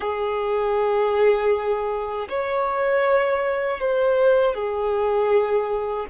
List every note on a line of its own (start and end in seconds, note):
0.00 2.28 G#4
2.29 3.79 C#5
3.79 4.54 C5
4.54 6.06 G#4